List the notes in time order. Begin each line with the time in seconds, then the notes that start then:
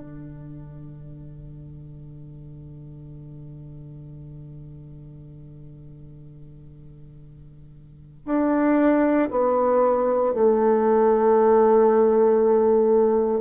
0.00 D3
8.25 D4
9.30 B3
10.34 A3